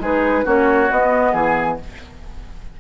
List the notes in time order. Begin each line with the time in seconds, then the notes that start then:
0.00 G#3 D#4 G#4 B4
0.44 A#3 C#4 F#4 C#5
0.91 B3 D#5
1.33 E3 G#4 G#5